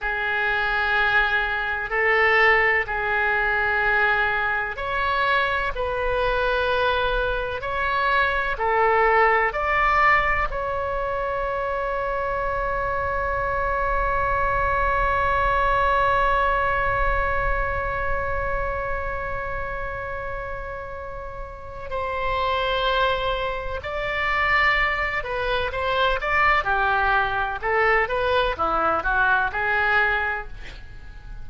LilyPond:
\new Staff \with { instrumentName = "oboe" } { \time 4/4 \tempo 4 = 63 gis'2 a'4 gis'4~ | gis'4 cis''4 b'2 | cis''4 a'4 d''4 cis''4~ | cis''1~ |
cis''1~ | cis''2. c''4~ | c''4 d''4. b'8 c''8 d''8 | g'4 a'8 b'8 e'8 fis'8 gis'4 | }